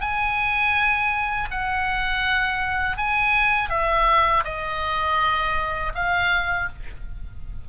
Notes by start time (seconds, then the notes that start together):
0.00 G#5
1.50 F#5
2.97 G#5
3.69 E5
4.44 D#5
5.94 F5